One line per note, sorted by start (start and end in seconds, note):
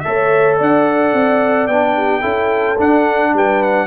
0.00 0.61 A3
0.00 1.69 A4
0.00 0.57 C#5
0.00 0.55 E5
0.57 1.13 D4
0.57 1.95 D5
0.57 1.67 F#5
1.13 1.68 C4
1.67 2.23 B3
1.67 2.21 D4
1.67 2.77 G5
1.96 2.21 G4
2.21 2.79 C#4
2.21 2.76 E4
2.21 3.31 A4
2.78 3.87 D4
2.78 3.34 D4
2.78 3.36 F#5
3.34 3.87 G3
3.34 3.87 B4
3.34 3.63 G5
3.63 3.87 F#5